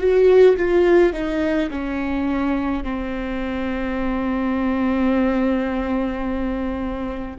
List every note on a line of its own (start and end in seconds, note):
0.00 0.57 F#4
0.57 1.13 F4
1.13 1.69 D#4
1.70 2.84 C#4
2.84 7.36 C4